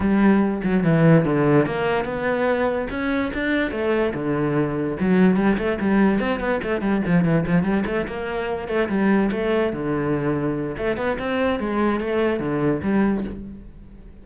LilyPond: \new Staff \with { instrumentName = "cello" } { \time 4/4 \tempo 4 = 145 g4. fis8 e4 d4 | ais4 b2 cis'4 | d'4 a4 d2 | fis4 g8 a8 g4 c'8 b8 |
a8 g8 f8 e8 f8 g8 a8 ais8~ | ais4 a8 g4 a4 d8~ | d2 a8 b8 c'4 | gis4 a4 d4 g4 | }